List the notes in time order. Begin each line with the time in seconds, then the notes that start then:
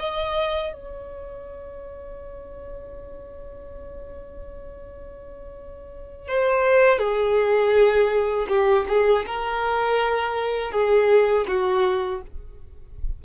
0.00 D#5
0.73 C#5
6.28 C5
6.99 G#4
8.48 G4
8.89 G#4
9.27 A#4
10.72 G#4
11.47 F#4